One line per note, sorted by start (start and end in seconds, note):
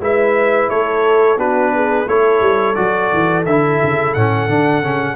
0.00 0.69 G#3
0.00 1.38 E4
0.00 0.71 B4
0.00 0.69 E5
0.69 1.37 A3
0.69 1.39 A4
0.69 1.38 C#5
1.37 2.06 B3
1.37 2.07 D4
1.37 1.73 F#4
1.37 2.08 B4
1.75 2.09 G#4
2.07 2.41 A3
2.07 2.75 E4
2.07 5.16 A4
2.07 2.75 C#5
2.41 2.75 G3
2.75 3.12 F#3
2.75 3.44 F#4
2.75 3.44 D5
3.13 3.46 E3
3.46 3.80 D3
3.46 4.17 E4
3.46 4.14 E5
3.83 4.16 C#3
4.14 4.49 A2
4.14 4.49 C#4
4.14 5.16 F#5
4.49 4.82 D3
4.49 4.83 D4
4.82 5.16 C#3
4.82 5.16 C#4